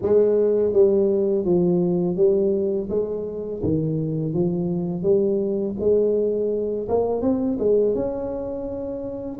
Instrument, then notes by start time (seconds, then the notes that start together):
tuba
0.02 G#3
0.72 G3
1.44 F3
2.16 G3
2.89 G#3
3.62 D#3
4.33 F3
5.02 G3
5.79 G#3
6.88 A#3
7.21 C4
7.58 G#3
7.94 C#4